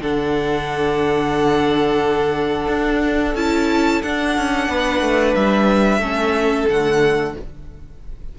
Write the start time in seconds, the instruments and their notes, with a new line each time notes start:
0.00 cello D3, viola D4, violin A4 F#5
2.68 cello D4
3.35 cello C#4, viola E4, violin A5
4.03 viola D4, cello D4, violin F#5
4.37 cello C#4
4.68 cello B3, violin B4
5.01 cello A3
5.35 cello G3, violin E5
5.99 cello A3, viola C#4, violin A4
6.69 cello D3, viola A3, violin F#5